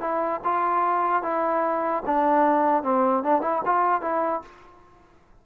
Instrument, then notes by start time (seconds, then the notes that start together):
trombone
0.00 E4
0.44 F4
1.22 E4
2.06 D4
2.83 C4
3.23 D4
3.41 E4
3.65 F4
4.01 E4